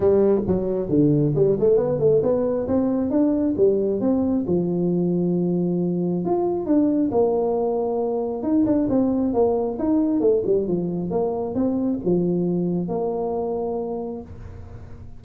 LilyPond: \new Staff \with { instrumentName = "tuba" } { \time 4/4 \tempo 4 = 135 g4 fis4 d4 g8 a8 | b8 a8 b4 c'4 d'4 | g4 c'4 f2~ | f2 f'4 d'4 |
ais2. dis'8 d'8 | c'4 ais4 dis'4 a8 g8 | f4 ais4 c'4 f4~ | f4 ais2. | }